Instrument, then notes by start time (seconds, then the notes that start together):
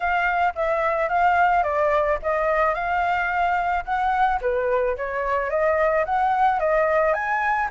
flute
0.00 F5
0.55 E5
1.09 F5
1.63 D5
2.22 D#5
2.74 F5
3.85 F#5
4.41 B4
4.97 C#5
5.49 D#5
6.05 F#5
6.59 D#5
7.13 G#5